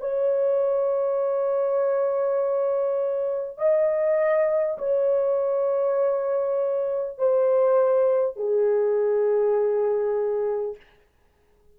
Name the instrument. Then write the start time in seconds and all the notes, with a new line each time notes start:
horn
0.00 C#5
3.57 D#5
4.78 C#5
7.18 C5
8.36 G#4